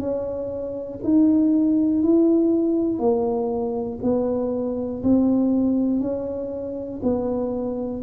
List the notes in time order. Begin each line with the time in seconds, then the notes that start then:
0.00 C#4
1.04 D#4
2.04 E4
2.99 A#3
4.03 B3
5.04 C4
6.00 C#4
7.03 B3